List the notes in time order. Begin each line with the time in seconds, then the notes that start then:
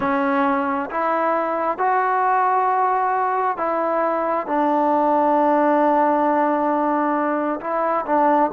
0.00 C#4
0.90 E4
1.77 F#4
3.57 E4
4.46 D4
7.60 E4
8.06 D4